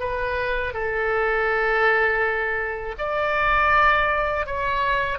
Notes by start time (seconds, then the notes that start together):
0.00 B4
0.73 A4
2.98 D5
4.46 C#5